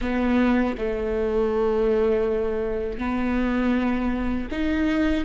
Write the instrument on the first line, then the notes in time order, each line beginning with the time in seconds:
viola
0.01 B3
0.77 A3
2.98 B3
4.51 D#4